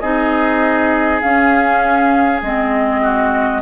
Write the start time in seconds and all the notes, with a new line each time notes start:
0.00 C4 D#4 G#4 D#5
1.21 C#4 F5
2.42 G#3 C4 D#5
3.02 F#4